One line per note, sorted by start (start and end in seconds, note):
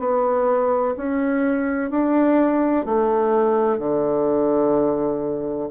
0.00 0.95 B3
0.97 1.91 C#4
1.91 2.86 D4
2.86 3.80 A3
3.80 5.70 D3